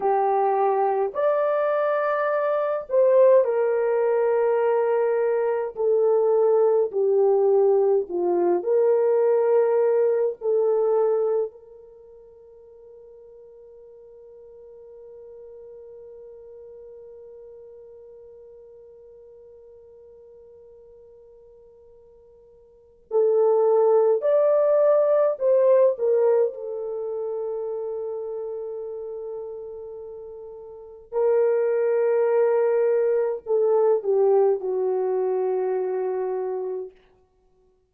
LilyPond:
\new Staff \with { instrumentName = "horn" } { \time 4/4 \tempo 4 = 52 g'4 d''4. c''8 ais'4~ | ais'4 a'4 g'4 f'8 ais'8~ | ais'4 a'4 ais'2~ | ais'1~ |
ais'1 | a'4 d''4 c''8 ais'8 a'4~ | a'2. ais'4~ | ais'4 a'8 g'8 fis'2 | }